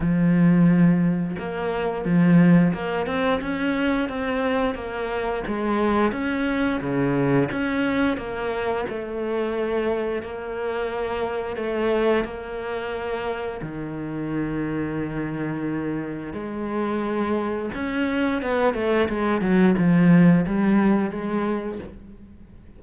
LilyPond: \new Staff \with { instrumentName = "cello" } { \time 4/4 \tempo 4 = 88 f2 ais4 f4 | ais8 c'8 cis'4 c'4 ais4 | gis4 cis'4 cis4 cis'4 | ais4 a2 ais4~ |
ais4 a4 ais2 | dis1 | gis2 cis'4 b8 a8 | gis8 fis8 f4 g4 gis4 | }